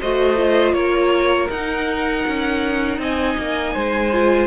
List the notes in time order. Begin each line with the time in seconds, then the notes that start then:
0.00 A3 F#4 C5 D#5
0.36 F4
0.73 A#3 A#4 C#5
1.50 D#4 F#5
2.28 C#4
2.98 C4 D#5 G#5
3.38 A#3
3.74 G#3 C5
4.12 F4